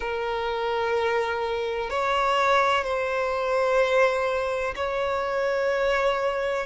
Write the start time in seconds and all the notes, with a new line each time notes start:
0.00 A#4
1.90 C#5
2.84 C5
4.75 C#5